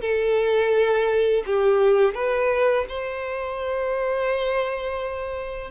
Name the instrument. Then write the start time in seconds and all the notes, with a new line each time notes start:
violin
0.00 A4
1.46 G4
2.14 B4
2.88 C5